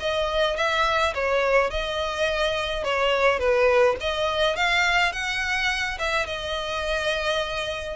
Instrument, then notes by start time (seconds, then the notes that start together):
violin
0.00 D#5
0.57 E5
1.15 C#5
1.71 D#5
2.84 C#5
3.39 B4
4.01 D#5
4.56 F5
5.12 F#5
5.99 E5
6.26 D#5